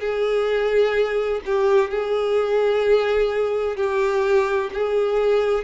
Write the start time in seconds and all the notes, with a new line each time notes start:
0.00 G#4
1.45 G4
1.90 G#4
3.77 G4
4.73 G#4